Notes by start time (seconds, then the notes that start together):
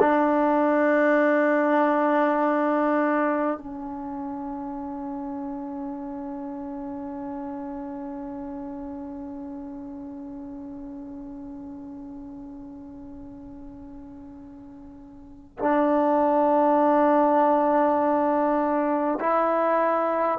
0.00 D4
3.58 C#4
15.59 D4
19.21 E4